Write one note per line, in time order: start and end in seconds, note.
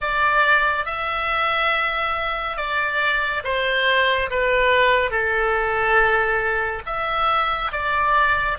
0.01 0.85 D5
0.85 2.56 E5
2.56 3.42 D5
3.44 4.29 C5
4.30 5.10 B4
5.10 6.82 A4
6.86 7.71 E5
7.72 8.58 D5